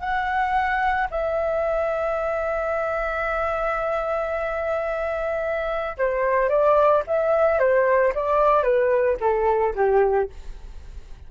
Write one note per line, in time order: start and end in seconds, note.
0.00 1.08 F#5
1.11 5.97 E5
5.98 6.49 C5
6.49 7.03 D5
7.07 7.59 E5
7.59 8.14 C5
8.15 8.63 D5
8.63 9.17 B4
9.21 9.75 A4
9.76 10.30 G4